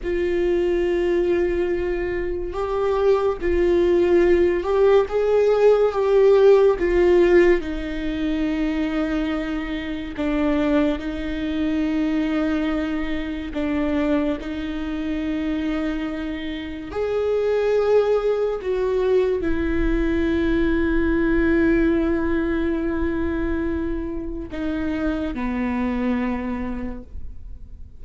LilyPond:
\new Staff \with { instrumentName = "viola" } { \time 4/4 \tempo 4 = 71 f'2. g'4 | f'4. g'8 gis'4 g'4 | f'4 dis'2. | d'4 dis'2. |
d'4 dis'2. | gis'2 fis'4 e'4~ | e'1~ | e'4 dis'4 b2 | }